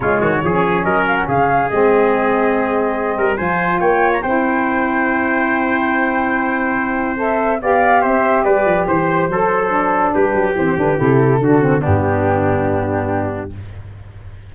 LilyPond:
<<
  \new Staff \with { instrumentName = "flute" } { \time 4/4 \tempo 4 = 142 cis''2 dis''8 f''16 fis''16 f''4 | dis''1 | gis''4 g''8. ais''16 g''2~ | g''1~ |
g''4 e''4 f''4 e''4 | d''4 c''2. | b'4 c''8 b'8 a'2 | g'1 | }
  \new Staff \with { instrumentName = "trumpet" } { \time 4/4 f'8 fis'8 gis'4 ais'4 gis'4~ | gis'2.~ gis'8 ais'8 | c''4 cis''4 c''2~ | c''1~ |
c''2 d''4 c''4 | b'4 c''4 a'2 | g'2. fis'4 | d'1 | }
  \new Staff \with { instrumentName = "saxophone" } { \time 4/4 gis4 cis'2. | c'1 | f'2 e'2~ | e'1~ |
e'4 a'4 g'2~ | g'2 a'4 d'4~ | d'4 c'8 d'8 e'4 d'8 c'8 | b1 | }
  \new Staff \with { instrumentName = "tuba" } { \time 4/4 cis8 dis8 f4 fis4 cis4 | gis2.~ gis8 g8 | f4 ais4 c'2~ | c'1~ |
c'2 b4 c'4 | g8 f8 e4 fis2 | g8 fis8 e8 d8 c4 d4 | g,1 | }
>>